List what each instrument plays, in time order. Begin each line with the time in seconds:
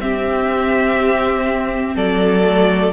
0.00 cello C4, viola C4, violin G4 E5
1.96 cello F#3, violin A4 D5
2.42 viola A3